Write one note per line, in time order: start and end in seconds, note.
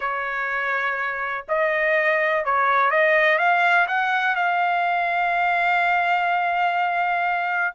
0.00 1.45 C#5
1.48 2.44 D#5
2.44 2.90 C#5
2.90 3.38 D#5
3.38 3.86 F5
3.87 4.35 F#5
4.35 7.74 F5